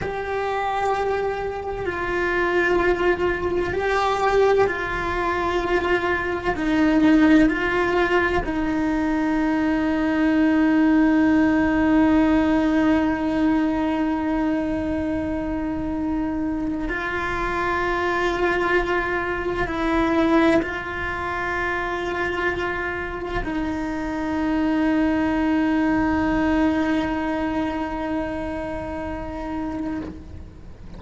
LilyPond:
\new Staff \with { instrumentName = "cello" } { \time 4/4 \tempo 4 = 64 g'2 f'2 | g'4 f'2 dis'4 | f'4 dis'2.~ | dis'1~ |
dis'2 f'2~ | f'4 e'4 f'2~ | f'4 dis'2.~ | dis'1 | }